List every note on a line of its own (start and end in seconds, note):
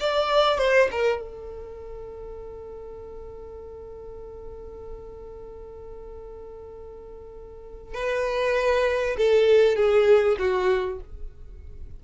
0.00 0.58 D5
0.58 0.89 C5
0.91 1.21 A#4
1.21 7.94 A4
7.94 9.16 B4
9.17 9.75 A4
9.75 10.37 G#4
10.38 11.00 F#4